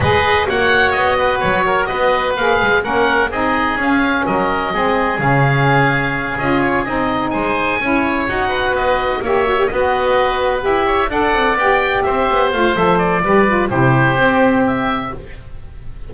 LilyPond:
<<
  \new Staff \with { instrumentName = "oboe" } { \time 4/4 \tempo 4 = 127 dis''4 fis''4 dis''4 cis''4 | dis''4 f''4 fis''4 dis''4 | f''4 dis''2 f''4~ | f''4. dis''8 cis''8 dis''4 gis''8~ |
gis''4. fis''4 dis''4 e''8~ | e''8 dis''2 e''4 fis''8~ | fis''8 g''4 e''4 f''8 e''8 d''8~ | d''4 c''2 e''4 | }
  \new Staff \with { instrumentName = "oboe" } { \time 4/4 b'4 cis''4. b'4 ais'8 | b'2 ais'4 gis'4~ | gis'4 ais'4 gis'2~ | gis'2.~ gis'8 c''8~ |
c''8 cis''4. b'4. cis''8~ | cis''8 b'2~ b'8 cis''8 d''8~ | d''4. c''2~ c''8 | b'4 g'2. | }
  \new Staff \with { instrumentName = "saxophone" } { \time 4/4 gis'4 fis'2.~ | fis'4 gis'4 cis'4 dis'4 | cis'2 c'4 cis'4~ | cis'4. f'4 dis'4.~ |
dis'8 e'4 fis'2 g'8 | fis'16 g'16 fis'2 g'4 a'8~ | a'8 g'2 f'8 a'4 | g'8 f'8 e'4 c'2 | }
  \new Staff \with { instrumentName = "double bass" } { \time 4/4 gis4 ais4 b4 fis4 | b4 ais8 gis8 ais4 c'4 | cis'4 fis4 gis4 cis4~ | cis4. cis'4 c'4 gis8~ |
gis8 cis'4 dis'4 b4 ais8~ | ais8 b2 e'4 d'8 | c'8 b4 c'8 b8 a8 f4 | g4 c4 c'2 | }
>>